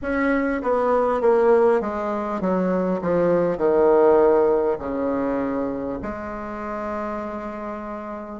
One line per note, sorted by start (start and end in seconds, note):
0.02 0.62 C#4
0.62 1.21 B3
1.21 1.80 A#3
1.80 2.40 G#3
2.41 3.01 F#3
3.01 3.57 F3
3.57 4.77 D#3
4.78 5.98 C#3
6.02 8.39 G#3